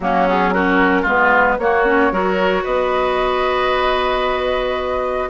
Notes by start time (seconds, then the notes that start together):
0.00 F#3 A#3 C#4 F#4
0.27 B3 G#4
0.52 C#4 F#4 A#4
1.02 G#3 B3 F4
1.08 B4
1.58 A#3 F#4 C#5
1.85 C#4
2.11 F#3 F#4 A#4
2.63 B3 B4 D#5